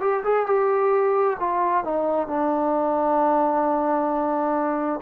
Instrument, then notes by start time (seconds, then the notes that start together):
trombone
0.00 G4
0.24 G#4
0.46 G4
1.39 F4
1.84 D#4
2.28 D4